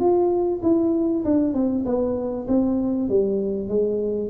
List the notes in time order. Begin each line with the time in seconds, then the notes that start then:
0.00 F4
0.63 E4
1.25 D4
1.54 C4
1.85 B3
2.48 C4
3.09 G3
3.69 G#3